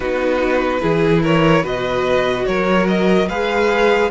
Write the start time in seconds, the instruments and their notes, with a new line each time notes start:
0.00 cello B3, viola D#4, violin F#4 B4
0.80 cello E3, viola E4, violin G#4
1.22 violin A#4 C#5
1.62 cello B2, viola F#4, violin B4 D#5
2.45 cello F#3, violin A#4 C#5
2.87 violin D#5
3.28 cello G#3, viola G#4, violin B4 F5